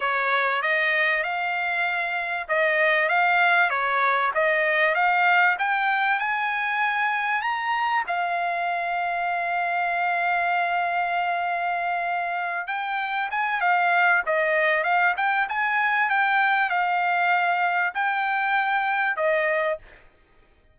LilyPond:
\new Staff \with { instrumentName = "trumpet" } { \time 4/4 \tempo 4 = 97 cis''4 dis''4 f''2 | dis''4 f''4 cis''4 dis''4 | f''4 g''4 gis''2 | ais''4 f''2.~ |
f''1~ | f''8 g''4 gis''8 f''4 dis''4 | f''8 g''8 gis''4 g''4 f''4~ | f''4 g''2 dis''4 | }